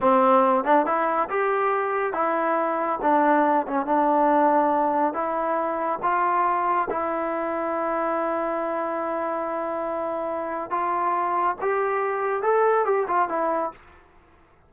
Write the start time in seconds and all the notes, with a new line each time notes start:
0.01 C4
0.64 D4
0.86 E4
1.29 G4
2.13 E4
3.02 D4
3.67 C#4
3.86 D4
5.13 E4
6.02 F4
6.90 E4
10.70 F4
11.61 G4
12.42 A4
12.85 G4
13.07 F4
13.28 E4